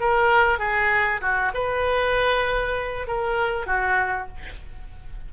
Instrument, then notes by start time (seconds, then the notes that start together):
oboe
0.00 A#4
0.59 G#4
1.21 F#4
1.54 B4
3.07 A#4
3.66 F#4